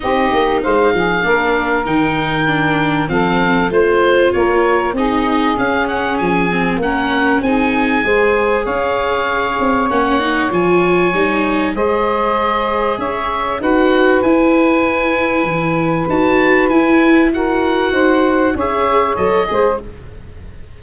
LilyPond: <<
  \new Staff \with { instrumentName = "oboe" } { \time 4/4 \tempo 4 = 97 dis''4 f''2 g''4~ | g''4 f''4 c''4 cis''4 | dis''4 f''8 fis''8 gis''4 fis''4 | gis''2 f''2 |
fis''4 gis''2 dis''4~ | dis''4 e''4 fis''4 gis''4~ | gis''2 a''4 gis''4 | fis''2 e''4 dis''4 | }
  \new Staff \with { instrumentName = "saxophone" } { \time 4/4 g'4 c''8 gis'8 ais'2~ | ais'4 a'4 c''4 ais'4 | gis'2. ais'4 | gis'4 c''4 cis''2~ |
cis''2. c''4~ | c''4 cis''4 b'2~ | b'1 | ais'4 c''4 cis''4. c''8 | }
  \new Staff \with { instrumentName = "viola" } { \time 4/4 dis'2 d'4 dis'4 | d'4 c'4 f'2 | dis'4 cis'4. c'8 cis'4 | dis'4 gis'2. |
cis'8 dis'8 f'4 dis'4 gis'4~ | gis'2 fis'4 e'4~ | e'2 fis'4 e'4 | fis'2 gis'4 a'8 gis'8 | }
  \new Staff \with { instrumentName = "tuba" } { \time 4/4 c'8 ais8 gis8 f8 ais4 dis4~ | dis4 f4 a4 ais4 | c'4 cis'4 f4 ais4 | c'4 gis4 cis'4. c'8 |
ais4 f4 g4 gis4~ | gis4 cis'4 dis'4 e'4~ | e'4 e4 dis'4 e'4~ | e'4 dis'4 cis'4 fis8 gis8 | }
>>